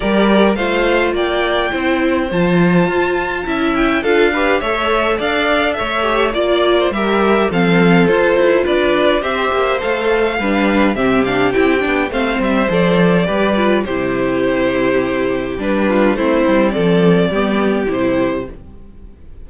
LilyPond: <<
  \new Staff \with { instrumentName = "violin" } { \time 4/4 \tempo 4 = 104 d''4 f''4 g''2 | a''2~ a''8 g''8 f''4 | e''4 f''4 e''4 d''4 | e''4 f''4 c''4 d''4 |
e''4 f''2 e''8 f''8 | g''4 f''8 e''8 d''2 | c''2. b'4 | c''4 d''2 c''4 | }
  \new Staff \with { instrumentName = "violin" } { \time 4/4 ais'4 c''4 d''4 c''4~ | c''2 e''4 a'8 b'8 | cis''4 d''4 cis''4 d''8. c''16 | ais'4 a'2 b'4 |
c''2 b'4 g'4~ | g'4 c''2 b'4 | g'2.~ g'8 f'8 | e'4 a'4 g'2 | }
  \new Staff \with { instrumentName = "viola" } { \time 4/4 g'4 f'2 e'4 | f'2 e'4 f'8 g'8 | a'2~ a'8 g'8 f'4 | g'4 c'4 f'2 |
g'4 a'4 d'4 c'8 d'8 | e'8 d'8 c'4 a'4 g'8 f'8 | e'2. d'4 | c'2 b4 e'4 | }
  \new Staff \with { instrumentName = "cello" } { \time 4/4 g4 a4 ais4 c'4 | f4 f'4 cis'4 d'4 | a4 d'4 a4 ais4 | g4 f4 f'8 e'8 d'4 |
c'8 ais8 a4 g4 c4 | c'8 b8 a8 g8 f4 g4 | c2. g4 | a8 g8 f4 g4 c4 | }
>>